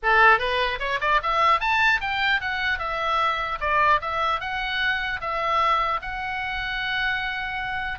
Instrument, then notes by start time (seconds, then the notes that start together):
oboe
0.02 A4
0.39 B4
0.79 C#5
1.01 D5
1.22 E5
1.60 A5
2.00 G5
2.40 F#5
2.78 E5
3.60 D5
4.01 E5
4.40 F#5
5.20 E5
6.01 F#5